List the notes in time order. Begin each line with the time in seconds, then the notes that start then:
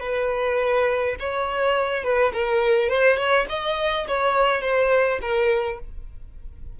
0.00 B4
1.20 C#5
2.03 B4
2.33 A#4
2.89 C5
3.17 C#5
3.49 D#5
4.08 C#5
4.61 C5
5.22 A#4